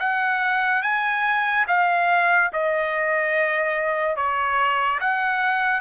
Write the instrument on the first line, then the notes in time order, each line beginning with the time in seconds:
trumpet
0.00 F#5
0.83 G#5
1.68 F5
2.53 D#5
4.17 C#5
5.01 F#5